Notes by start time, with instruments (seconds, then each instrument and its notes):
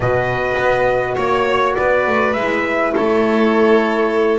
0.00 double bass B2, horn F#4, violin B4, trumpet D#5
0.57 double bass B3
1.15 double bass A#3, violin C#5, trumpet C#5
1.75 double bass B3, violin B4, trumpet D5
2.06 double bass A3
2.33 double bass G#3, horn E4, trumpet E5
2.94 double bass A3, violin A4, trumpet C#5